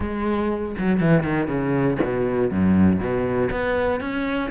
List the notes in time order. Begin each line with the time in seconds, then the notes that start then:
0.00 G#3
0.78 F#3
1.00 E3
1.23 D#3
1.47 C#3
2.03 B2
2.50 F#2
3.00 B2
3.50 B3
4.00 C#4